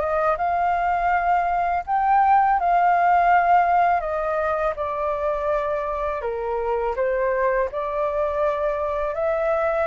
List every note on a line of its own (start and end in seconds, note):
0.00 0.37 D#5
0.38 1.84 F5
1.86 2.59 G5
2.60 4.00 F5
4.00 4.74 D#5
4.76 6.22 D5
6.22 6.95 A#4
6.96 7.70 C5
7.72 9.14 D5
9.14 9.87 E5